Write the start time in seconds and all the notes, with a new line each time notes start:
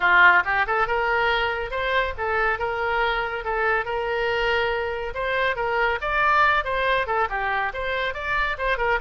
0.00 F4
0.44 G4
0.66 A4
0.87 A#4
1.70 C5
2.17 A4
2.58 A#4
3.44 A4
3.85 A#4
5.14 C5
5.55 A#4
6.01 D5
6.64 C5
7.06 A4
7.29 G4
7.73 C5
8.14 D5
8.58 C5
8.77 A#4